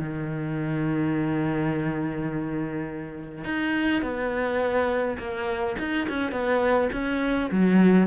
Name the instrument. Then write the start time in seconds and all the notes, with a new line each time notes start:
cello
0.00 D#3
3.45 D#4
4.02 B3
5.19 A#3
5.79 D#4
6.09 C#4
6.32 B3
6.93 C#4
7.52 F#3